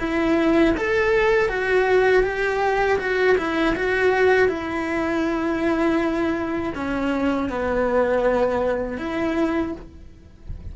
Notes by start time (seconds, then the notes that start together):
0.00 E4
0.78 A4
1.49 F#4
2.24 G4
2.99 F#4
3.38 E4
3.76 F#4
4.49 E4
6.75 C#4
7.49 B3
8.98 E4